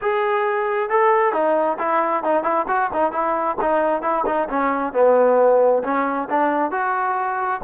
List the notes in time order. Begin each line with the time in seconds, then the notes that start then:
0.01 G#4
0.89 A4
1.32 D#4
1.78 E4
2.23 D#4
2.43 E4
2.67 F#4
2.93 D#4
3.12 E4
3.61 D#4
4.02 E4
4.26 D#4
4.49 C#4
4.93 B3
5.83 C#4
6.29 D4
6.71 F#4